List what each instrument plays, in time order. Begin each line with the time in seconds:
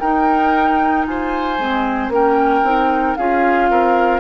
0.00 clarinet D#4, bassoon D#4, oboe A#4, flute G5
1.06 bassoon F4, oboe C5, flute G#5
1.58 bassoon G#3, clarinet C4
2.09 bassoon A#3, clarinet C#4, oboe A#4, flute G5
2.63 bassoon C4, clarinet D#4
3.16 bassoon C#4, clarinet F4, oboe G#4, flute F5
3.70 bassoon C4, oboe A#4